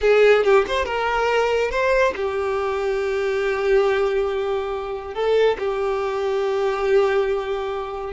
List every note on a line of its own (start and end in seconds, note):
0.01 0.43 G#4
0.43 0.65 G4
0.67 0.85 C5
0.85 1.70 A#4
1.70 2.13 C5
2.16 5.14 G4
5.14 5.57 A4
5.58 8.13 G4